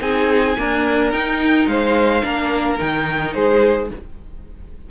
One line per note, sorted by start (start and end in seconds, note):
0.00 0.56 C4
0.00 0.56 D#4
0.00 0.57 G#4
0.00 1.12 G#5
0.58 1.13 A#3
0.58 1.13 D4
0.58 1.70 A#4
1.12 1.67 D#4
1.12 2.23 D#4
1.12 1.67 G5
1.67 2.22 G#3
1.67 2.25 C5
1.67 2.78 F5
2.23 2.80 A#3
2.23 2.78 D4
2.23 3.34 A#4
2.79 3.35 D#3
2.79 3.90 D#4
2.79 3.34 G5
3.34 3.91 G#3
3.34 3.90 G#4
3.34 3.89 C5